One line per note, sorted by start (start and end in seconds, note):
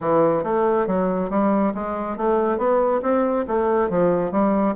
0.01 0.43 E3
0.43 0.86 A3
0.86 1.29 F#3
1.29 1.73 G3
1.74 2.17 G#3
2.17 2.58 A3
2.58 3.01 B3
3.02 3.45 C4
3.47 3.89 A3
3.89 4.31 F3
4.31 4.74 G3